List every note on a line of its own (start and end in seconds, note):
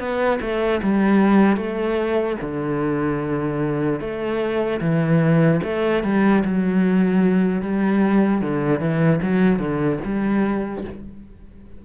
0.00 0.40 B3
0.41 0.81 A3
0.83 1.57 G3
1.57 2.37 A3
2.42 4.00 D3
4.00 4.80 A3
4.81 5.61 E3
5.64 6.04 A3
6.04 6.44 G3
6.44 7.62 F#3
7.62 8.42 G3
8.42 8.80 D3
8.80 9.20 E3
9.23 9.60 F#3
9.60 10.00 D3
10.05 10.85 G3